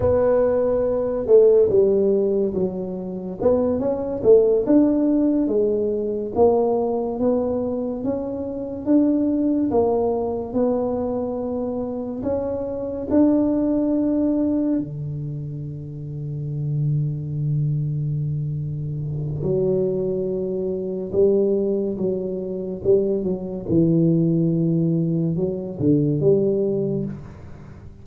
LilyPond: \new Staff \with { instrumentName = "tuba" } { \time 4/4 \tempo 4 = 71 b4. a8 g4 fis4 | b8 cis'8 a8 d'4 gis4 ais8~ | ais8 b4 cis'4 d'4 ais8~ | ais8 b2 cis'4 d'8~ |
d'4. d2~ d8~ | d2. fis4~ | fis4 g4 fis4 g8 fis8 | e2 fis8 d8 g4 | }